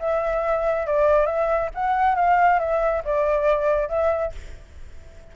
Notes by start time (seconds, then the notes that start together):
0.00 E5
0.87 D5
1.27 E5
1.75 F#5
2.16 F5
2.60 E5
3.05 D5
3.89 E5